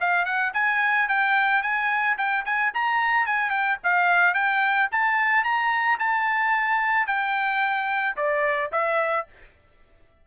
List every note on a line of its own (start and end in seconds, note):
0.00 0.25 F5
0.25 0.52 F#5
0.53 1.08 G#5
1.08 1.62 G5
1.62 2.17 G#5
2.17 2.44 G5
2.45 2.72 G#5
2.73 3.26 A#5
3.26 3.50 G#5
3.50 3.77 G5
3.83 4.34 F5
4.34 4.88 G5
4.91 5.44 A5
5.44 5.98 A#5
5.99 7.07 A5
7.07 8.16 G5
8.16 8.71 D5
8.72 9.26 E5